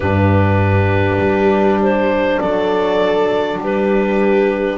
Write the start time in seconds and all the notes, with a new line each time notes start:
0.00 G2 D4 G4 B4
1.18 G3
1.82 C5
2.39 F#3 A4 D5
3.58 G3 G4 B4